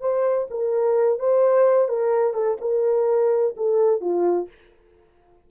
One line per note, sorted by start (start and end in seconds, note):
0.00 0.47 C5
0.50 1.19 A#4
1.19 1.88 C5
1.88 2.33 A#4
2.33 2.57 A4
2.60 3.55 A#4
3.56 4.00 A4
4.00 4.48 F4